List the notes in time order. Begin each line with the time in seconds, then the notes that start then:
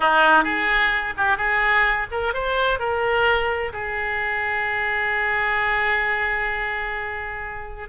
0.00 D#4
0.44 G#4
1.17 G4
1.37 G#4
2.11 A#4
2.33 C5
2.79 A#4
3.73 G#4